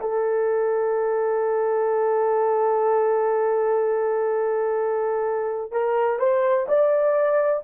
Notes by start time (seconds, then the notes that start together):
0.00 A4
5.71 A#4
6.19 C5
6.68 D5